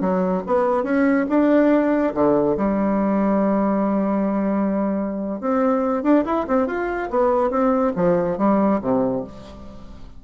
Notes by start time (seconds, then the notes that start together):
0.00 F#3
0.46 B3
0.83 C#4
1.29 D4
2.14 D3
2.57 G3
5.40 C4
6.03 D4
6.25 E4
6.47 C4
6.67 F4
7.10 B3
7.50 C4
7.96 F3
8.38 G3
8.81 C3